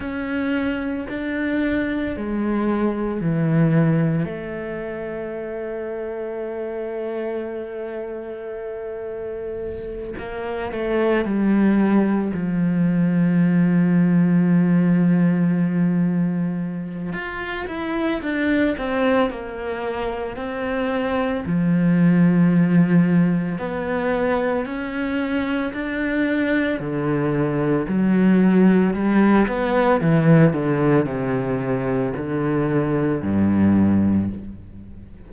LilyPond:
\new Staff \with { instrumentName = "cello" } { \time 4/4 \tempo 4 = 56 cis'4 d'4 gis4 e4 | a1~ | a4. ais8 a8 g4 f8~ | f1 |
f'8 e'8 d'8 c'8 ais4 c'4 | f2 b4 cis'4 | d'4 d4 fis4 g8 b8 | e8 d8 c4 d4 g,4 | }